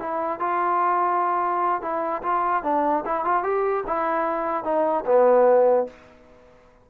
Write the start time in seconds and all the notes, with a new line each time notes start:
0.00 E4
0.40 F4
1.82 E4
2.23 F4
2.64 D4
3.05 E4
3.25 F4
3.44 G4
3.87 E4
4.64 D#4
5.06 B3